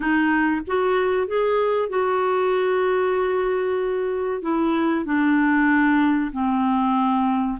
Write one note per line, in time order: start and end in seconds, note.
0.00 0.61 D#4
0.67 1.27 F#4
1.27 1.89 G#4
1.89 4.42 F#4
4.42 5.05 E4
5.05 6.31 D4
6.32 7.58 C4